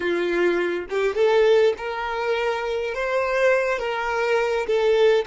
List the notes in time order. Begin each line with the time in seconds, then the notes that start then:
0.00 F4
0.89 G4
1.15 A4
1.77 A#4
2.94 C5
3.79 A#4
4.66 A4